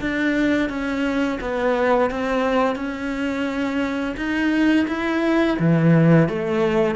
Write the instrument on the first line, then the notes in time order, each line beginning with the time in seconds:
cello
0.00 D4
0.69 C#4
1.40 B3
2.10 C4
2.75 C#4
4.16 D#4
4.87 E4
5.59 E3
6.29 A3